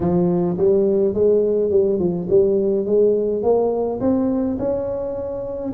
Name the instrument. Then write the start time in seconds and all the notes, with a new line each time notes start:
tuba
0.00 F3
0.57 G3
1.14 G#3
1.70 G3
1.99 F3
2.29 G3
2.85 G#3
3.42 A#3
4.00 C4
4.58 C#4